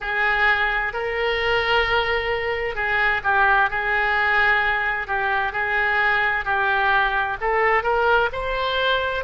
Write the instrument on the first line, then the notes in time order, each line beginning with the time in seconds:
oboe
0.00 G#4
0.93 A#4
2.74 G#4
3.23 G4
3.70 G#4
5.07 G4
5.52 G#4
6.44 G4
7.41 A4
7.83 A#4
8.32 C5